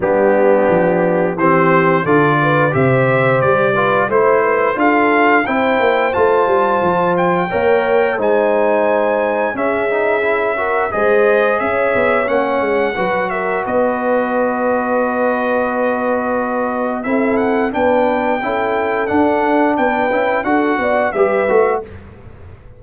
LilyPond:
<<
  \new Staff \with { instrumentName = "trumpet" } { \time 4/4 \tempo 4 = 88 g'2 c''4 d''4 | e''4 d''4 c''4 f''4 | g''4 a''4. g''4. | gis''2 e''2 |
dis''4 e''4 fis''4. e''8 | dis''1~ | dis''4 e''8 fis''8 g''2 | fis''4 g''4 fis''4 e''4 | }
  \new Staff \with { instrumentName = "horn" } { \time 4/4 d'2 g'4 a'8 b'8 | c''4. b'8 c''8 b'8 a'4 | c''2. cis''4 | c''2 gis'4. ais'8 |
c''4 cis''2 b'8 ais'8 | b'1~ | b'4 a'4 b'4 a'4~ | a'4 b'4 a'8 d''8 b'4 | }
  \new Staff \with { instrumentName = "trombone" } { \time 4/4 b2 c'4 f'4 | g'4. f'8 e'4 f'4 | e'4 f'2 ais'4 | dis'2 cis'8 dis'8 e'8 fis'8 |
gis'2 cis'4 fis'4~ | fis'1~ | fis'4 e'4 d'4 e'4 | d'4. e'8 fis'4 g'8 fis'8 | }
  \new Staff \with { instrumentName = "tuba" } { \time 4/4 g4 f4 e4 d4 | c4 g4 a4 d'4 | c'8 ais8 a8 g8 f4 ais4 | gis2 cis'2 |
gis4 cis'8 b8 ais8 gis8 fis4 | b1~ | b4 c'4 b4 cis'4 | d'4 b8 cis'8 d'8 b8 g8 a8 | }
>>